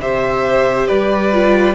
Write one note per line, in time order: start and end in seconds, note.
0.00 0.88 C3
0.00 1.33 G4
0.00 0.87 C5
0.00 0.87 E5
0.87 1.75 G3
0.87 1.75 B4
0.87 1.75 D5
1.33 1.75 F4